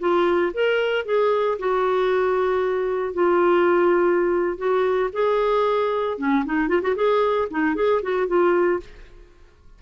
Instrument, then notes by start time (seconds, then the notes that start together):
clarinet
0.00 F4
0.54 A#4
1.06 G#4
1.59 F#4
3.14 F4
4.58 F#4
5.13 G#4
6.18 C#4
6.45 D#4
6.68 F4
6.82 F#4
6.96 G#4
7.51 D#4
7.75 G#4
8.03 F#4
8.28 F4